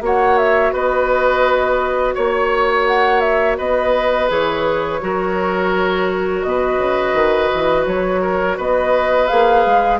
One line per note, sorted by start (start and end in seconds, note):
0.00 0.72 A#3
0.00 4.28 F#4
0.00 0.72 C#5
0.00 0.37 F#5
0.37 0.73 E5
0.72 2.15 B3
0.72 2.14 B4
0.72 2.14 D#5
2.14 3.59 A#3
2.14 2.86 C#5
2.14 3.57 C#5
2.86 3.20 F#5
3.20 3.56 E5
3.57 4.30 B3
3.57 5.00 B4
3.57 4.29 D#5
4.28 5.01 E3
4.28 5.00 G#4
4.28 6.42 C#5
5.00 6.43 F#3
5.00 9.29 F#4
5.00 6.46 A#4
6.42 6.77 B2
6.42 8.21 B4
6.42 7.85 D#5
6.77 7.13 C#3
7.14 7.49 D#3
7.54 7.86 E3
7.86 8.57 F#3
7.86 8.58 C#5
8.21 8.57 A#4
8.57 9.29 B3
8.57 10.00 B4
8.57 9.27 D#5
9.27 9.65 A#3
9.27 10.00 G#4
9.27 9.99 F5
9.65 10.00 G#3